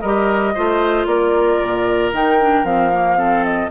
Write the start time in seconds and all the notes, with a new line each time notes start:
0.00 G3 G4 A#4 D#5
0.54 A3 F4 C5
1.06 A#3 A#4 D5
1.62 A#2
2.12 D#3 D#4 G5
2.40 D4
2.63 F3 C4 F5
2.92 A#3
3.17 C4 A4
3.44 D#5